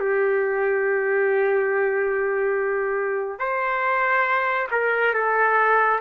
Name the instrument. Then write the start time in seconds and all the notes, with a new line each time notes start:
trumpet
0.00 G4
3.39 C5
4.71 A#4
5.14 A4